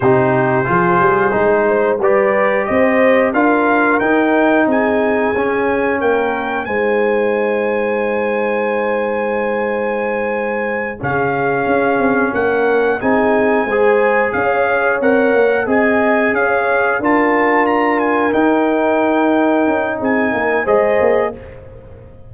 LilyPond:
<<
  \new Staff \with { instrumentName = "trumpet" } { \time 4/4 \tempo 4 = 90 c''2. d''4 | dis''4 f''4 g''4 gis''4~ | gis''4 g''4 gis''2~ | gis''1~ |
gis''8 f''2 fis''4 gis''8~ | gis''4. f''4 fis''4 gis''8~ | gis''8 f''4 a''4 ais''8 gis''8 g''8~ | g''2 gis''4 dis''4 | }
  \new Staff \with { instrumentName = "horn" } { \time 4/4 g'4 gis'4. c''8 b'4 | c''4 ais'2 gis'4~ | gis'4 ais'4 c''2~ | c''1~ |
c''8 gis'2 ais'4 gis'8~ | gis'8 c''4 cis''2 dis''8~ | dis''8 cis''4 ais'2~ ais'8~ | ais'2 gis'8 ais'8 c''4 | }
  \new Staff \with { instrumentName = "trombone" } { \time 4/4 dis'4 f'4 dis'4 g'4~ | g'4 f'4 dis'2 | cis'2 dis'2~ | dis'1~ |
dis'8 cis'2. dis'8~ | dis'8 gis'2 ais'4 gis'8~ | gis'4. f'2 dis'8~ | dis'2. gis'4 | }
  \new Staff \with { instrumentName = "tuba" } { \time 4/4 c4 f8 g8 gis4 g4 | c'4 d'4 dis'4 c'4 | cis'4 ais4 gis2~ | gis1~ |
gis8 cis4 cis'8 c'8 ais4 c'8~ | c'8 gis4 cis'4 c'8 ais8 c'8~ | c'8 cis'4 d'2 dis'8~ | dis'4. cis'8 c'8 ais8 gis8 ais8 | }
>>